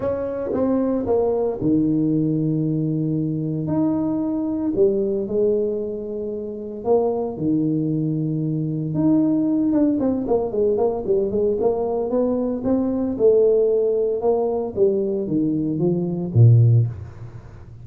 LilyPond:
\new Staff \with { instrumentName = "tuba" } { \time 4/4 \tempo 4 = 114 cis'4 c'4 ais4 dis4~ | dis2. dis'4~ | dis'4 g4 gis2~ | gis4 ais4 dis2~ |
dis4 dis'4. d'8 c'8 ais8 | gis8 ais8 g8 gis8 ais4 b4 | c'4 a2 ais4 | g4 dis4 f4 ais,4 | }